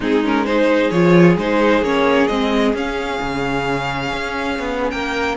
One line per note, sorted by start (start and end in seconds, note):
0.00 0.89 G#3
0.00 0.23 C4
0.00 0.46 D#4
0.00 0.25 G#4
0.23 0.46 C#4
0.23 0.45 A#4
0.45 0.92 D#4
0.45 4.92 G#4
0.45 0.90 C5
0.90 1.36 F3
0.90 1.38 F4
0.90 1.36 C#5
1.36 1.81 G#3
1.36 1.83 D#4
1.36 1.84 C5
1.81 2.27 A#3
1.81 2.29 C#4
1.81 2.27 C#5
2.27 2.73 G#3
2.27 2.75 C4
2.27 2.72 D#5
2.73 3.19 C#4
2.73 5.37 C#4
2.73 4.90 F5
3.21 4.12 C#3
4.12 4.58 C#4
4.59 4.92 B3
4.90 5.37 A#3
4.90 5.37 A#4
4.90 5.36 G5